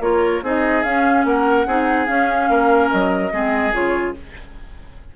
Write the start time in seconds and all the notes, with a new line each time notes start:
0.00 A#3 F4 A#4 C#5
0.43 C4 D#4 G#4 D#5
0.84 C#4 F5
1.25 A#3 A#4 F#5
1.67 C4 D#4 G#4
2.07 C#4 F5
2.49 A#3 A#4
2.91 F#3 D#5
3.32 G#3 C4 G#4
3.73 C#3 F4 C#5